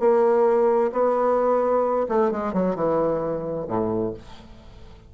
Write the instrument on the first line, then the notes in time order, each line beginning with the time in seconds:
bassoon
0.00 A#3
0.92 B3
2.09 A3
2.32 G#3
2.54 F#3
2.75 E3
3.68 A2